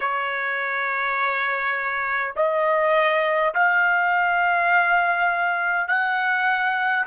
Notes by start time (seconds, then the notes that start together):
0.00 C#5
2.36 D#5
3.54 F5
5.88 F#5